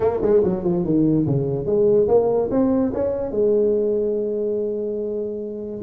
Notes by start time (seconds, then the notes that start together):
0.00 A#3
0.21 G#3
0.43 F#3
0.63 F3
0.84 D#3
1.26 C#3
1.66 G#3
2.07 A#3
2.51 C4
2.94 C#4
3.31 G#3